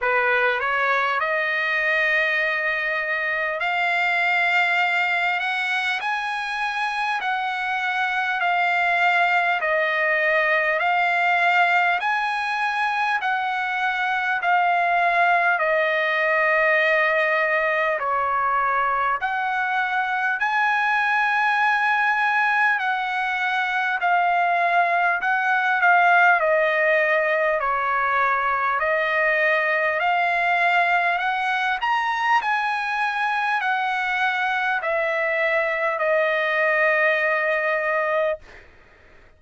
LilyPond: \new Staff \with { instrumentName = "trumpet" } { \time 4/4 \tempo 4 = 50 b'8 cis''8 dis''2 f''4~ | f''8 fis''8 gis''4 fis''4 f''4 | dis''4 f''4 gis''4 fis''4 | f''4 dis''2 cis''4 |
fis''4 gis''2 fis''4 | f''4 fis''8 f''8 dis''4 cis''4 | dis''4 f''4 fis''8 ais''8 gis''4 | fis''4 e''4 dis''2 | }